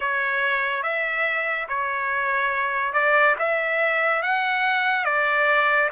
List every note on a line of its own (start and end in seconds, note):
0.00 0.83 C#5
0.83 1.67 E5
1.68 2.93 C#5
2.93 3.35 D5
3.38 4.22 E5
4.22 5.05 F#5
5.05 5.89 D5